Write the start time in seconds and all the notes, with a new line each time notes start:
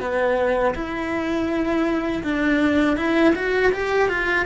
0.00 B3
0.74 E4
2.23 D4
2.97 E4
3.35 F#4
3.72 G4
4.09 F4